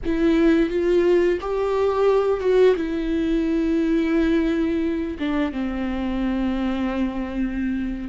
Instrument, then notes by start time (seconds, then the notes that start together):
viola
0.05 E4
0.69 F4
1.40 G4
2.40 F#4
2.76 E4
5.19 D4
5.51 C4